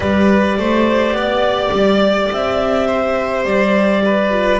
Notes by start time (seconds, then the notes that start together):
0.00 G3 G4 B4 D5
0.57 A3 C5
1.12 B3 D5
1.71 G3
2.31 C4 E5
2.87 C5
3.44 G3 D5
4.04 B4
4.31 F4